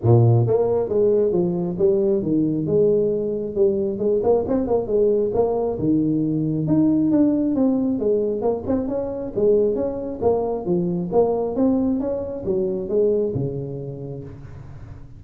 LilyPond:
\new Staff \with { instrumentName = "tuba" } { \time 4/4 \tempo 4 = 135 ais,4 ais4 gis4 f4 | g4 dis4 gis2 | g4 gis8 ais8 c'8 ais8 gis4 | ais4 dis2 dis'4 |
d'4 c'4 gis4 ais8 c'8 | cis'4 gis4 cis'4 ais4 | f4 ais4 c'4 cis'4 | fis4 gis4 cis2 | }